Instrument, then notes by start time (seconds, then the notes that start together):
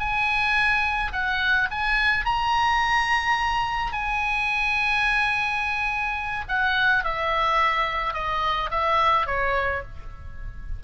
oboe
0.00 G#5
1.13 F#5
1.71 G#5
2.26 A#5
3.93 G#5
6.49 F#5
7.05 E5
8.14 D#5
8.71 E5
9.27 C#5